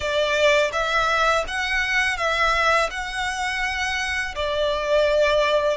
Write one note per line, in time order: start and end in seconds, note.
0.00 0.71 D5
0.72 1.44 E5
1.47 2.17 F#5
2.17 2.89 E5
2.90 4.34 F#5
4.35 5.77 D5